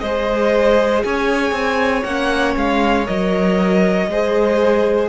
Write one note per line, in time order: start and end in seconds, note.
0.00 1.04 G#3
0.00 2.07 G#4
0.00 1.05 C5
0.00 1.02 D#5
1.04 1.52 C#4
1.04 4.10 C#5
1.04 2.04 G#5
1.52 2.03 C4
2.04 2.56 A#3
2.04 3.06 C#4
2.04 2.55 F#5
2.56 3.07 G#3
2.56 3.07 F5
3.06 4.07 F#3
3.06 4.08 A#4
3.06 5.09 D#5
4.07 5.09 G#3
4.07 5.09 G#4
4.07 5.09 C5